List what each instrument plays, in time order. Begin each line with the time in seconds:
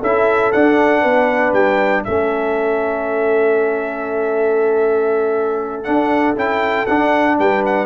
0.00 tuba C#4, trombone E4, horn A4, trumpet E5
0.52 tuba D4, trombone D4, trumpet F#5
1.01 tuba B3, horn B4
1.53 tuba G3, trumpet G5
2.04 tuba A3, trombone C#4, horn A4, trumpet E5
5.84 trombone D4, tuba D4, trumpet F#5
6.35 tuba C#4, trombone E4, trumpet G5
6.87 tuba D4, trombone D4, trumpet F#5
7.39 tuba G3, horn B4, trumpet G5
7.66 trumpet F#5